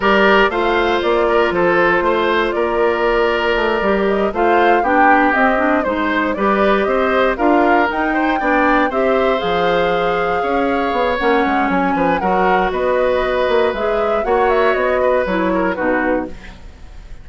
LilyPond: <<
  \new Staff \with { instrumentName = "flute" } { \time 4/4 \tempo 4 = 118 d''4 f''4 d''4 c''4~ | c''4 d''2. | dis''8 f''4 g''4 dis''4 c''8~ | c''8 d''4 dis''4 f''4 g''8~ |
g''4. e''4 f''4.~ | f''2 fis''4 gis''4 | fis''4 dis''2 e''4 | fis''8 e''8 dis''4 cis''4 b'4 | }
  \new Staff \with { instrumentName = "oboe" } { \time 4/4 ais'4 c''4. ais'8 a'4 | c''4 ais'2.~ | ais'8 c''4 g'2 c''8~ | c''8 b'4 c''4 ais'4. |
c''8 d''4 c''2~ c''8~ | c''8 cis''2. b'8 | ais'4 b'2. | cis''4. b'4 ais'8 fis'4 | }
  \new Staff \with { instrumentName = "clarinet" } { \time 4/4 g'4 f'2.~ | f'2.~ f'8 g'8~ | g'8 f'4 d'4 c'8 d'8 dis'8~ | dis'8 g'2 f'4 dis'8~ |
dis'8 d'4 g'4 gis'4.~ | gis'2 cis'2 | fis'2. gis'4 | fis'2 e'4 dis'4 | }
  \new Staff \with { instrumentName = "bassoon" } { \time 4/4 g4 a4 ais4 f4 | a4 ais2 a8 g8~ | g8 a4 b4 c'4 gis8~ | gis8 g4 c'4 d'4 dis'8~ |
dis'8 b4 c'4 f4.~ | f8 cis'4 b8 ais8 gis8 fis8 f8 | fis4 b4. ais8 gis4 | ais4 b4 fis4 b,4 | }
>>